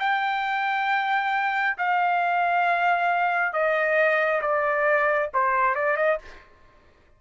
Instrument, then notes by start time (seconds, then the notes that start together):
trumpet
0.00 G5
1.78 F5
3.53 D#5
4.42 D5
5.34 C5
5.76 D5
5.97 D#5